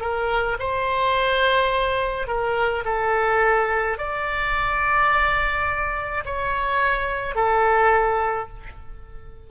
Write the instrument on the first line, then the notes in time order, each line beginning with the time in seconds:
oboe
0.00 A#4
0.59 C5
2.27 A#4
2.85 A4
3.98 D5
6.25 C#5
7.35 A4